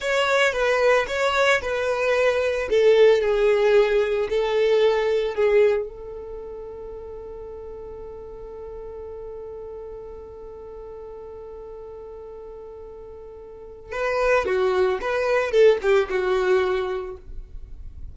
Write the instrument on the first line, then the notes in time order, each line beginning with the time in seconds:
violin
0.00 C#5
0.52 B4
1.07 C#5
1.61 B4
2.69 A4
3.21 G#4
4.29 A4
5.34 G#4
5.88 A4
13.92 B4
14.45 F#4
15.01 B4
15.51 A4
15.82 G4
16.09 F#4